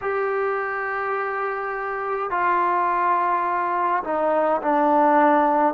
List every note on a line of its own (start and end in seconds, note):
0.01 2.30 G4
2.30 4.03 F4
4.03 4.61 D#4
4.62 5.74 D4